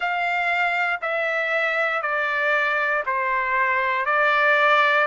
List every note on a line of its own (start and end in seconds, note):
0.00 1.00 F5
1.01 2.02 E5
2.02 3.03 D5
3.06 4.05 C5
4.05 5.07 D5